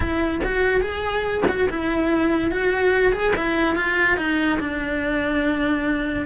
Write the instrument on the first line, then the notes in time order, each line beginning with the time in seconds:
cello
0.00 E4
0.44 F#4
0.80 G#4
1.48 F#4
1.69 E4
2.51 F#4
3.12 G#4
3.36 E4
3.75 F4
4.17 D#4
4.59 D4